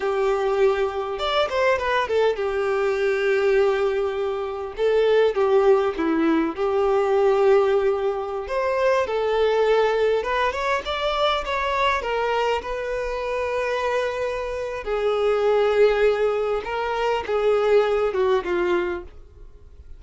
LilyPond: \new Staff \with { instrumentName = "violin" } { \time 4/4 \tempo 4 = 101 g'2 d''8 c''8 b'8 a'8 | g'1 | a'4 g'4 e'4 g'4~ | g'2~ g'16 c''4 a'8.~ |
a'4~ a'16 b'8 cis''8 d''4 cis''8.~ | cis''16 ais'4 b'2~ b'8.~ | b'4 gis'2. | ais'4 gis'4. fis'8 f'4 | }